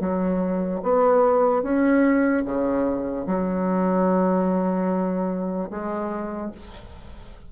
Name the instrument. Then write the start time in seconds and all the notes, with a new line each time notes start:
bassoon
0.00 F#3
0.83 B3
1.63 C#4
2.45 C#3
3.27 F#3
5.71 G#3